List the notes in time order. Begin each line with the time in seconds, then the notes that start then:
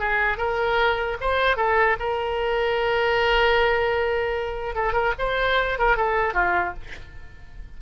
0.00 G#4
0.38 A#4
1.21 C5
1.57 A4
2.00 A#4
4.75 A4
4.93 A#4
5.19 C5
5.79 A#4
5.97 A4
6.34 F4